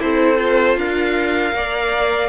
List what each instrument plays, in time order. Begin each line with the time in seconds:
0.00 cello C4, violin E4 C5, viola A4
0.37 violin F4
0.77 cello D4, viola A#4, violin F5
1.54 cello A#3, violin D5